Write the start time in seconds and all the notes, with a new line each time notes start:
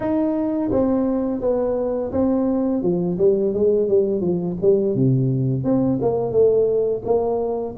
0.00 D#4
0.71 C4
1.41 B3
2.12 C4
2.82 F3
3.18 G3
3.53 G#3
3.88 G3
4.21 F3
4.61 G3
4.95 C3
5.64 C4
6.01 A#3
6.31 A3
7.04 A#3